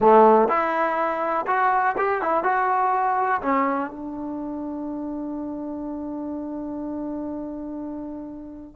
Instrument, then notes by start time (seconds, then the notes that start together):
trombone
0.00 A3
0.48 E4
1.47 F#4
1.97 G4
2.22 E4
2.43 F#4
3.41 C#4
3.90 D4